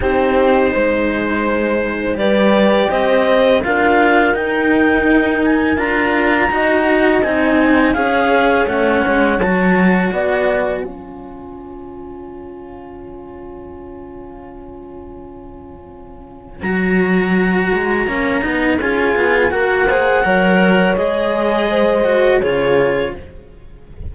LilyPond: <<
  \new Staff \with { instrumentName = "clarinet" } { \time 4/4 \tempo 4 = 83 c''2. d''4 | dis''4 f''4 g''4. gis''8 | ais''2 gis''4 f''4 | fis''4 a''4 gis''2~ |
gis''1~ | gis''2. ais''4~ | ais''2 gis''4 fis''4~ | fis''4 dis''2 cis''4 | }
  \new Staff \with { instrumentName = "horn" } { \time 4/4 g'4 c''2 b'4 | c''4 ais'2.~ | ais'4 dis''2 cis''4~ | cis''2 d''4 cis''4~ |
cis''1~ | cis''1~ | cis''2 gis'4 ais'8 c''8 | cis''2 c''4 gis'4 | }
  \new Staff \with { instrumentName = "cello" } { \time 4/4 dis'2. g'4~ | g'4 f'4 dis'2 | f'4 fis'4 dis'4 gis'4 | cis'4 fis'2 f'4~ |
f'1~ | f'2. fis'4~ | fis'4 cis'8 dis'8 f'4 fis'8 gis'8 | ais'4 gis'4. fis'8 f'4 | }
  \new Staff \with { instrumentName = "cello" } { \time 4/4 c'4 gis2 g4 | c'4 d'4 dis'2 | d'4 dis'4 c'4 cis'4 | a8 gis8 fis4 b4 cis'4~ |
cis'1~ | cis'2. fis4~ | fis8 gis8 ais8 b8 cis'8 b8 ais4 | fis4 gis2 cis4 | }
>>